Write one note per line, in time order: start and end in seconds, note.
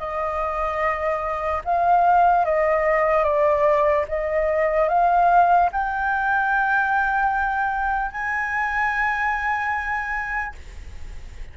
0.00 1.62 D#5
1.65 2.45 F5
2.45 3.24 D#5
3.24 4.05 D5
4.08 4.89 D#5
4.89 5.70 F5
5.72 8.12 G5
8.12 10.55 G#5